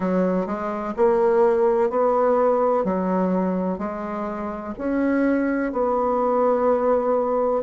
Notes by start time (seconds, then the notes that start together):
0.00 F#3
0.46 G#3
0.96 A#3
1.90 B3
2.84 F#3
3.78 G#3
4.78 C#4
5.72 B3